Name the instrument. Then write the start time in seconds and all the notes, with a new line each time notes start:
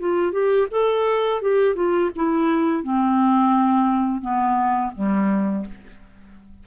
clarinet
0.00 F4
0.32 G4
0.71 A4
1.42 G4
1.75 F4
2.16 E4
2.83 C4
4.21 B3
4.95 G3